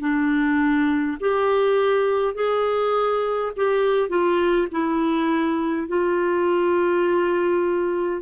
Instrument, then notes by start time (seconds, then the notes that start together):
clarinet
0.00 D4
1.20 G4
2.34 G#4
3.56 G4
4.09 F4
4.71 E4
5.88 F4